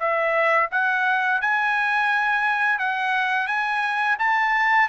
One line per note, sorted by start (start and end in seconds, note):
0.00 0.70 E5
0.72 1.41 F#5
1.41 2.79 G#5
2.79 3.48 F#5
3.48 4.17 G#5
4.19 4.89 A5